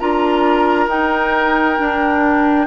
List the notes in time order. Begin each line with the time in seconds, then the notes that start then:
0.00 D4 F4 A#4 A#5
0.87 D#4 G5
1.79 D4